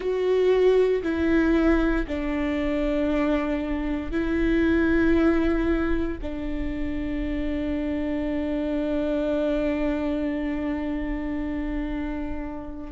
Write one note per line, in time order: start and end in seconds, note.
0.00 1.02 F#4
1.03 2.06 E4
2.07 4.11 D4
4.11 6.18 E4
6.22 12.92 D4